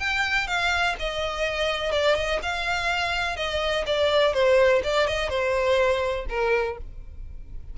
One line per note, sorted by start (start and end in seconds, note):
0.00 0.48 G5
0.48 0.96 F5
1.00 1.92 D#5
1.92 2.16 D5
2.16 2.40 D#5
2.43 3.37 F5
3.37 3.85 D#5
3.87 4.34 D5
4.34 4.83 C5
4.84 5.08 D5
5.08 5.30 D#5
5.30 6.26 C5
6.30 6.78 A#4